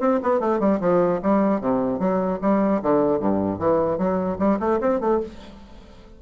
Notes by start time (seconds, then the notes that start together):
0.00 C4
0.23 B3
0.40 A3
0.60 G3
0.81 F3
1.23 G3
1.61 C3
1.99 F#3
2.42 G3
2.83 D3
3.20 G2
3.59 E3
3.98 F#3
4.39 G3
4.60 A3
4.81 C4
5.01 A3